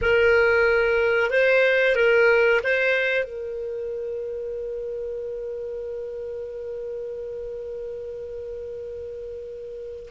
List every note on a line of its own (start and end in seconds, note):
0.01 1.30 A#4
1.30 1.95 C5
1.95 2.61 A#4
2.63 3.24 C5
3.24 10.09 A#4